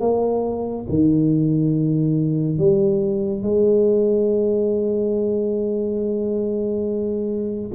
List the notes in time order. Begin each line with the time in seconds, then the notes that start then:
0.00 A#3
0.88 D#3
2.57 G3
3.42 G#3